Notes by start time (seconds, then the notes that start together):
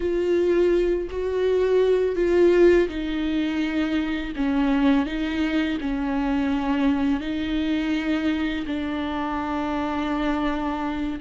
0.00 F4
1.10 F#4
2.15 F4
2.88 D#4
4.35 C#4
5.05 D#4
5.81 C#4
7.20 D#4
8.66 D4